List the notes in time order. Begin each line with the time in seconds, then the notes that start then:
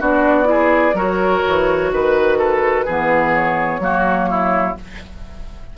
0.00 B3 D4 F#4 D5
0.44 E4 G#4
0.94 F#3 F#4 A#4 C#5
1.47 E3
1.92 D#3 B4
2.38 A4
2.85 E3 B3 G#4
3.35 C#5
3.79 F#3 A#3 F#4
4.30 E4